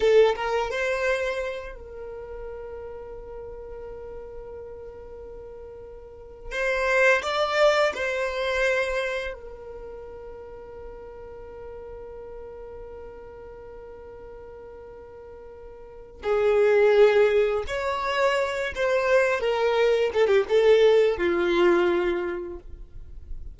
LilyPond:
\new Staff \with { instrumentName = "violin" } { \time 4/4 \tempo 4 = 85 a'8 ais'8 c''4. ais'4.~ | ais'1~ | ais'4~ ais'16 c''4 d''4 c''8.~ | c''4~ c''16 ais'2~ ais'8.~ |
ais'1~ | ais'2. gis'4~ | gis'4 cis''4. c''4 ais'8~ | ais'8 a'16 g'16 a'4 f'2 | }